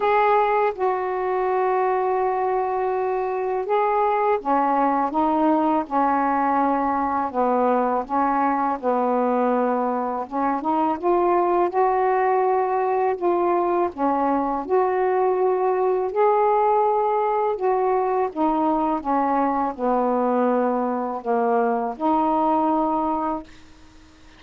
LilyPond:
\new Staff \with { instrumentName = "saxophone" } { \time 4/4 \tempo 4 = 82 gis'4 fis'2.~ | fis'4 gis'4 cis'4 dis'4 | cis'2 b4 cis'4 | b2 cis'8 dis'8 f'4 |
fis'2 f'4 cis'4 | fis'2 gis'2 | fis'4 dis'4 cis'4 b4~ | b4 ais4 dis'2 | }